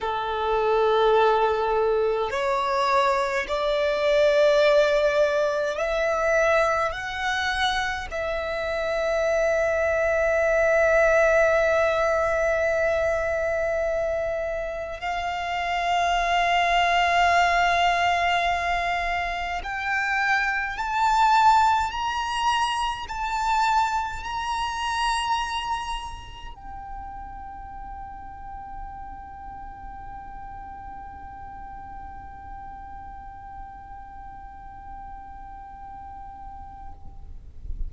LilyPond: \new Staff \with { instrumentName = "violin" } { \time 4/4 \tempo 4 = 52 a'2 cis''4 d''4~ | d''4 e''4 fis''4 e''4~ | e''1~ | e''4 f''2.~ |
f''4 g''4 a''4 ais''4 | a''4 ais''2 g''4~ | g''1~ | g''1 | }